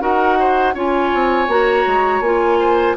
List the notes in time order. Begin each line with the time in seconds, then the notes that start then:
0.00 D#4 F#4 A#4 F#5
0.40 C5
0.75 C#4 F4 C#5 G#5
1.15 C4
1.48 A#3 F#4 A#5
1.87 G#3
2.20 A#3 F4 G#5
2.60 C5